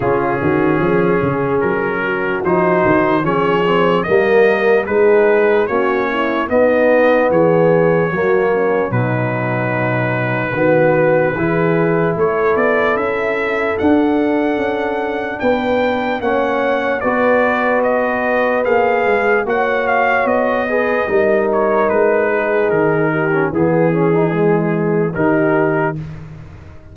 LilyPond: <<
  \new Staff \with { instrumentName = "trumpet" } { \time 4/4 \tempo 4 = 74 gis'2 ais'4 c''4 | cis''4 dis''4 b'4 cis''4 | dis''4 cis''2 b'4~ | b'2. cis''8 d''8 |
e''4 fis''2 g''4 | fis''4 d''4 dis''4 f''4 | fis''8 f''8 dis''4. cis''8 b'4 | ais'4 gis'2 ais'4 | }
  \new Staff \with { instrumentName = "horn" } { \time 4/4 f'8 fis'8 gis'4. fis'4. | gis'4 ais'4 gis'4 fis'8 e'8 | dis'4 gis'4 fis'8 cis'8 dis'4~ | dis'4 fis'4 gis'4 a'4~ |
a'2. b'4 | cis''4 b'2. | cis''4. b'8 ais'4. gis'8~ | gis'8 g'8 gis'2 g'4 | }
  \new Staff \with { instrumentName = "trombone" } { \time 4/4 cis'2. dis'4 | cis'8 c'8 ais4 dis'4 cis'4 | b2 ais4 fis4~ | fis4 b4 e'2~ |
e'4 d'2. | cis'4 fis'2 gis'4 | fis'4. gis'8 dis'2~ | dis'8. cis'16 b8 cis'16 dis'16 gis4 dis'4 | }
  \new Staff \with { instrumentName = "tuba" } { \time 4/4 cis8 dis8 f8 cis8 fis4 f8 dis8 | f4 g4 gis4 ais4 | b4 e4 fis4 b,4~ | b,4 dis4 e4 a8 b8 |
cis'4 d'4 cis'4 b4 | ais4 b2 ais8 gis8 | ais4 b4 g4 gis4 | dis4 e2 dis4 | }
>>